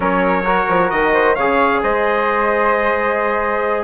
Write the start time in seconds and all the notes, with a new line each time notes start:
0.00 F#3 C#4 A#4 C#5
0.45 F#4
0.68 F3
0.90 D#3 D#5
1.12 C5
1.35 C#3 G#4 C#5 F5
1.82 G#3 C5 D#5